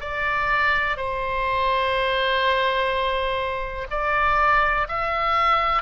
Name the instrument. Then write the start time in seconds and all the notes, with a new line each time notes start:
oboe
0.00 D5
0.96 C5
3.90 D5
4.88 E5